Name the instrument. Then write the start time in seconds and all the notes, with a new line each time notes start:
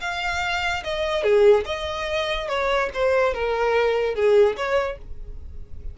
violin
0.00 F5
0.83 D#5
1.23 G#4
1.65 D#5
2.48 C#5
2.93 C5
3.33 A#4
4.14 G#4
4.56 C#5